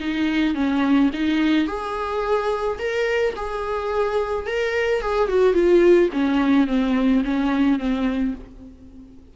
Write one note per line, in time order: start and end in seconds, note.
0.00 0.55 D#4
0.55 1.11 C#4
1.14 1.68 D#4
1.68 2.79 G#4
2.79 3.34 A#4
3.36 4.47 G#4
4.47 5.02 A#4
5.02 5.29 G#4
5.29 5.54 F#4
5.54 6.09 F4
6.13 6.67 C#4
6.67 7.23 C4
7.24 7.79 C#4
7.79 8.34 C4